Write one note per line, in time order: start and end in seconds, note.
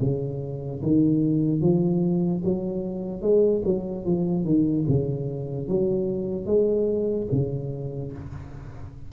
0.00 0.81 C#3
0.82 1.61 D#3
1.61 2.42 F3
2.44 3.21 F#3
3.21 3.62 G#3
3.65 4.05 F#3
4.05 4.44 F3
4.44 4.85 D#3
4.88 5.68 C#3
5.68 6.46 F#3
6.46 7.27 G#3
7.31 8.12 C#3